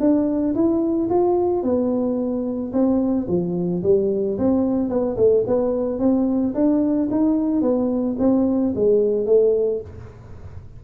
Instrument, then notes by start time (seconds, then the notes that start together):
tuba
0.00 D4
0.55 E4
1.10 F4
1.63 B3
2.73 C4
3.28 F3
3.83 G3
4.38 C4
4.89 B3
5.17 A3
5.47 B3
6.00 C4
6.55 D4
7.11 D#4
7.62 B3
8.19 C4
8.75 G#3
9.26 A3